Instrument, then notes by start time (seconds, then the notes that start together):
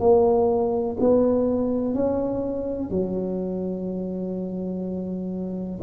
tuba
0.00 A#3
1.00 B3
1.94 C#4
2.90 F#3